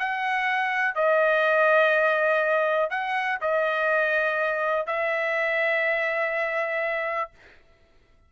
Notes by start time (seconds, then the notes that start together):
0.00 F#5
0.95 D#5
2.91 F#5
3.42 D#5
4.87 E5